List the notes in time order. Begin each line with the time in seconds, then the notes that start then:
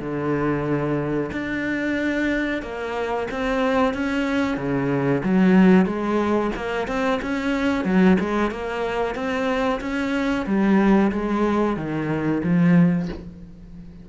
0.00 D3
1.32 D4
2.62 A#3
3.31 C4
3.94 C#4
4.57 C#3
5.24 F#3
5.85 G#3
6.56 A#3
6.87 C4
7.22 C#4
7.84 F#3
8.20 G#3
8.51 A#3
9.15 C4
9.80 C#4
10.46 G3
11.12 G#3
11.76 D#3
12.43 F3